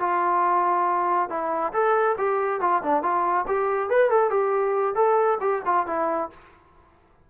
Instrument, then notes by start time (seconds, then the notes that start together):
trombone
0.00 F4
1.30 E4
1.73 A4
2.18 G4
2.61 F4
2.83 D4
3.03 F4
3.47 G4
3.90 B4
4.10 A4
4.30 G4
4.95 A4
5.41 G4
5.66 F4
5.87 E4